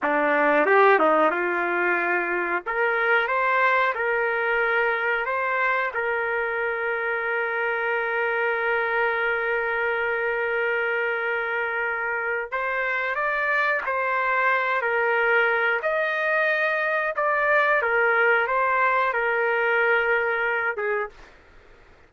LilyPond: \new Staff \with { instrumentName = "trumpet" } { \time 4/4 \tempo 4 = 91 d'4 g'8 dis'8 f'2 | ais'4 c''4 ais'2 | c''4 ais'2.~ | ais'1~ |
ais'2. c''4 | d''4 c''4. ais'4. | dis''2 d''4 ais'4 | c''4 ais'2~ ais'8 gis'8 | }